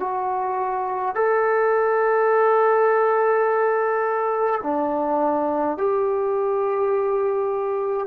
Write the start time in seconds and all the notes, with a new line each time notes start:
0.00 F#4
1.15 A4
4.63 D4
5.77 G4